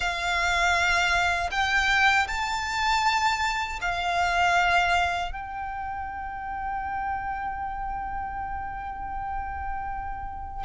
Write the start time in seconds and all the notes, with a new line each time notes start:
0.00 F5
1.51 G5
2.28 A5
3.81 F5
5.32 G5